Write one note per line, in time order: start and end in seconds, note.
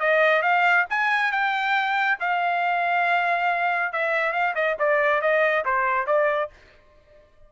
0.00 0.42 D#5
0.42 0.85 F5
0.90 1.32 G#5
1.32 2.18 G5
2.20 3.92 F5
3.93 4.32 E5
4.32 4.54 F5
4.55 4.77 D#5
4.79 5.22 D5
5.22 5.65 D#5
5.65 6.06 C5
6.06 6.50 D5